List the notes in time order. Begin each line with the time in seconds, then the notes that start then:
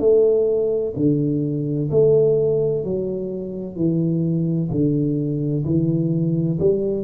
0.00 A3
0.96 D3
1.91 A3
2.85 F#3
3.76 E3
4.71 D3
5.65 E3
6.60 G3